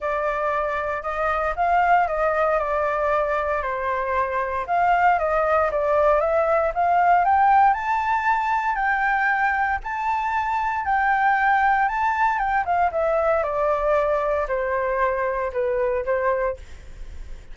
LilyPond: \new Staff \with { instrumentName = "flute" } { \time 4/4 \tempo 4 = 116 d''2 dis''4 f''4 | dis''4 d''2 c''4~ | c''4 f''4 dis''4 d''4 | e''4 f''4 g''4 a''4~ |
a''4 g''2 a''4~ | a''4 g''2 a''4 | g''8 f''8 e''4 d''2 | c''2 b'4 c''4 | }